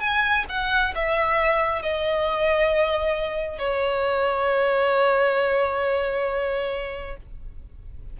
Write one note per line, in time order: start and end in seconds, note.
0.00 0.45 G#5
0.49 0.94 F#5
0.94 1.82 E5
1.82 3.58 D#5
3.58 7.16 C#5